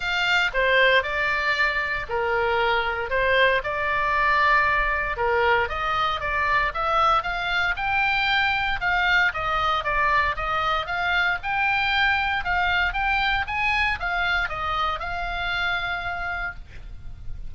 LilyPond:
\new Staff \with { instrumentName = "oboe" } { \time 4/4 \tempo 4 = 116 f''4 c''4 d''2 | ais'2 c''4 d''4~ | d''2 ais'4 dis''4 | d''4 e''4 f''4 g''4~ |
g''4 f''4 dis''4 d''4 | dis''4 f''4 g''2 | f''4 g''4 gis''4 f''4 | dis''4 f''2. | }